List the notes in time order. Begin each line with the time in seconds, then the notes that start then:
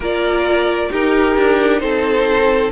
0.00 A#3 F4 A#4 D5
0.90 D#4 G4 A#4
1.37 D4
1.80 C4 A4 C5